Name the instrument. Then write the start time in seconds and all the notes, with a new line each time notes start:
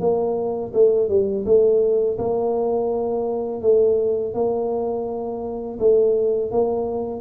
tuba
0.00 A#3
0.74 A3
1.09 G3
1.45 A3
2.18 A#3
3.62 A3
4.34 A#3
5.79 A3
6.51 A#3